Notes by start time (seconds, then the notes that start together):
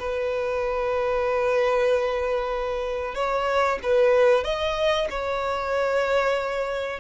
0.00 B4
3.15 C#5
3.83 B4
4.44 D#5
5.11 C#5